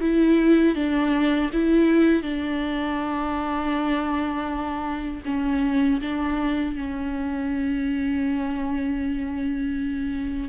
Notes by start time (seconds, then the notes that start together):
0.00 E4
0.75 D4
1.52 E4
2.22 D4
5.25 C#4
6.00 D4
6.75 C#4